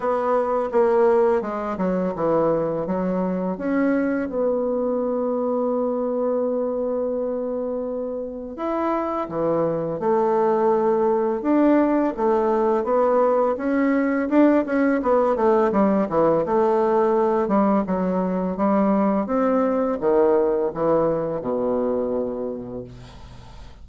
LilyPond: \new Staff \with { instrumentName = "bassoon" } { \time 4/4 \tempo 4 = 84 b4 ais4 gis8 fis8 e4 | fis4 cis'4 b2~ | b1 | e'4 e4 a2 |
d'4 a4 b4 cis'4 | d'8 cis'8 b8 a8 g8 e8 a4~ | a8 g8 fis4 g4 c'4 | dis4 e4 b,2 | }